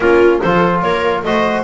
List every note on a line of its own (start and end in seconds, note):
0.00 0.40 A#3
0.00 0.42 C#4
0.00 0.42 F4
0.00 0.40 A#4
0.41 0.82 F3
0.41 1.25 F4
0.41 0.83 A4
0.41 0.82 C5
0.82 1.23 A#3
0.82 1.26 A#4
0.82 1.23 C#5
1.23 1.63 A3
1.23 1.63 F#4
1.23 1.63 C5
1.23 1.63 D#5